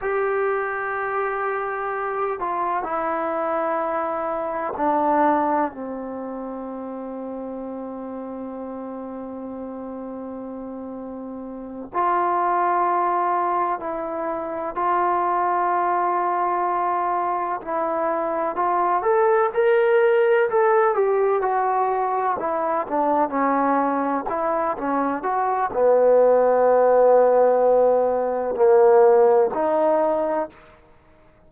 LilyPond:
\new Staff \with { instrumentName = "trombone" } { \time 4/4 \tempo 4 = 63 g'2~ g'8 f'8 e'4~ | e'4 d'4 c'2~ | c'1~ | c'8 f'2 e'4 f'8~ |
f'2~ f'8 e'4 f'8 | a'8 ais'4 a'8 g'8 fis'4 e'8 | d'8 cis'4 e'8 cis'8 fis'8 b4~ | b2 ais4 dis'4 | }